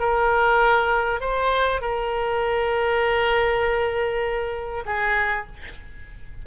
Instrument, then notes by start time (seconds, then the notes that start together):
oboe
0.00 A#4
1.21 C5
1.82 A#4
4.86 G#4